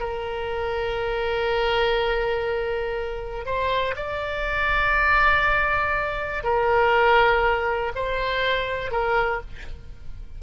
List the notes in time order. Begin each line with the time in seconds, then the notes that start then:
0.00 A#4
3.46 C5
3.96 D5
6.44 A#4
7.96 C5
8.92 A#4